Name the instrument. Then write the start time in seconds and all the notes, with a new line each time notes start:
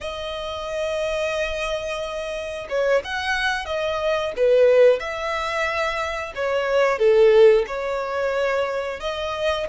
violin
0.00 D#5
2.69 C#5
3.04 F#5
3.65 D#5
4.36 B4
4.99 E5
6.35 C#5
6.98 A4
7.67 C#5
9.00 D#5